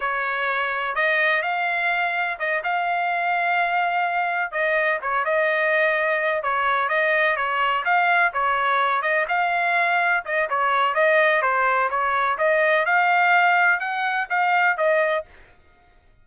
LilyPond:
\new Staff \with { instrumentName = "trumpet" } { \time 4/4 \tempo 4 = 126 cis''2 dis''4 f''4~ | f''4 dis''8 f''2~ f''8~ | f''4. dis''4 cis''8 dis''4~ | dis''4. cis''4 dis''4 cis''8~ |
cis''8 f''4 cis''4. dis''8 f''8~ | f''4. dis''8 cis''4 dis''4 | c''4 cis''4 dis''4 f''4~ | f''4 fis''4 f''4 dis''4 | }